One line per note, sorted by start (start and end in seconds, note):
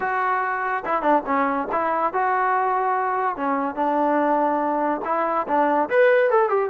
0.00 0.84 F#4
0.85 1.01 E4
1.01 1.22 D4
1.26 1.68 C#4
1.72 2.13 E4
2.13 3.36 F#4
3.36 3.75 C#4
3.75 5.01 D4
5.04 5.46 E4
5.47 5.89 D4
5.89 6.30 B4
6.30 6.49 A4
6.49 6.69 G4